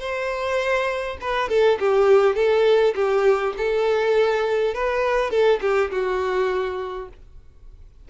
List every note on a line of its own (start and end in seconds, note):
0.00 1.18 C5
1.21 1.49 B4
1.49 1.79 A4
1.80 2.36 G4
2.36 2.94 A4
2.95 3.54 G4
3.57 4.74 A4
4.74 5.31 B4
5.31 5.60 A4
5.61 5.91 G4
5.91 7.09 F#4